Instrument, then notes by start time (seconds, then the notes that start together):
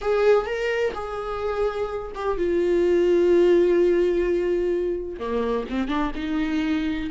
viola
0.01 G#4
0.46 A#4
0.93 G#4
2.14 G4
2.37 F4
5.19 A#3
5.69 C4
5.87 D4
6.15 D#4